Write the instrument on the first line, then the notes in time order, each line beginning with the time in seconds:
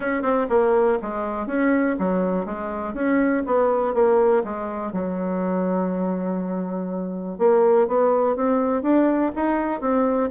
bassoon
0.00 C#4
0.22 C4
0.49 A#3
1.01 G#3
1.46 C#4
1.98 F#3
2.45 G#3
2.94 C#4
3.46 B3
3.94 A#3
4.44 G#3
4.92 F#3
7.38 A#3
7.87 B3
8.36 C4
8.82 D4
9.35 D#4
9.80 C4